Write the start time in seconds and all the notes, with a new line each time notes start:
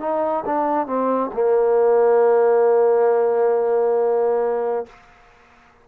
0.00 D#4
0.46 D4
0.87 C4
1.34 A#3